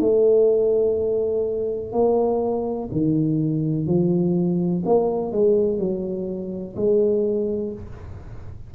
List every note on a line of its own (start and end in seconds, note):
0.00 1.92 A3
1.92 2.89 A#3
2.92 3.87 D#3
3.87 4.83 F3
4.86 5.32 A#3
5.32 5.78 G#3
5.78 6.75 F#3
6.76 7.73 G#3